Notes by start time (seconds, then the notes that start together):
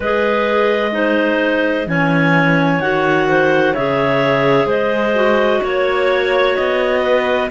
0.00 G#3 G#4 B4 D#5
0.91 D#4 C5
1.86 E3 C#4 C#5 G#5
2.79 D#3 F#4 F#5
3.28 C5
3.73 C#3 G#4 C#5 E5
4.65 G#3 C5 D#5
5.14 F#4
5.62 A#3 C#5
6.55 B3 D#5
7.02 B4